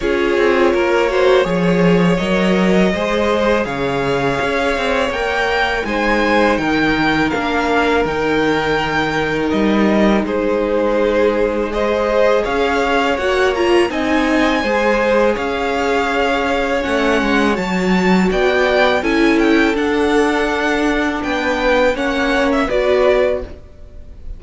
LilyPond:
<<
  \new Staff \with { instrumentName = "violin" } { \time 4/4 \tempo 4 = 82 cis''2. dis''4~ | dis''4 f''2 g''4 | gis''4 g''4 f''4 g''4~ | g''4 dis''4 c''2 |
dis''4 f''4 fis''8 ais''8 gis''4~ | gis''4 f''2 fis''4 | a''4 g''4 gis''8 g''8 fis''4~ | fis''4 g''4 fis''8. e''16 d''4 | }
  \new Staff \with { instrumentName = "violin" } { \time 4/4 gis'4 ais'8 c''8 cis''2 | c''4 cis''2. | c''4 ais'2.~ | ais'2 gis'2 |
c''4 cis''2 dis''4 | c''4 cis''2.~ | cis''4 d''4 a'2~ | a'4 b'4 cis''4 b'4 | }
  \new Staff \with { instrumentName = "viola" } { \time 4/4 f'4. fis'8 gis'4 ais'4 | gis'2. ais'4 | dis'2 d'4 dis'4~ | dis'1 |
gis'2 fis'8 f'8 dis'4 | gis'2. cis'4 | fis'2 e'4 d'4~ | d'2 cis'4 fis'4 | }
  \new Staff \with { instrumentName = "cello" } { \time 4/4 cis'8 c'8 ais4 f4 fis4 | gis4 cis4 cis'8 c'8 ais4 | gis4 dis4 ais4 dis4~ | dis4 g4 gis2~ |
gis4 cis'4 ais4 c'4 | gis4 cis'2 a8 gis8 | fis4 b4 cis'4 d'4~ | d'4 b4 ais4 b4 | }
>>